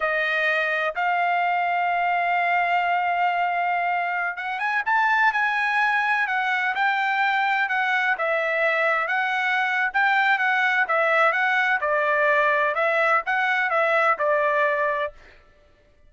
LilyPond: \new Staff \with { instrumentName = "trumpet" } { \time 4/4 \tempo 4 = 127 dis''2 f''2~ | f''1~ | f''4~ f''16 fis''8 gis''8 a''4 gis''8.~ | gis''4~ gis''16 fis''4 g''4.~ g''16~ |
g''16 fis''4 e''2 fis''8.~ | fis''4 g''4 fis''4 e''4 | fis''4 d''2 e''4 | fis''4 e''4 d''2 | }